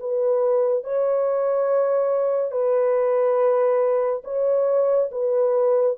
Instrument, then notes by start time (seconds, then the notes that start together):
horn
0.00 B4
0.84 C#5
2.51 B4
4.24 C#5
5.12 B4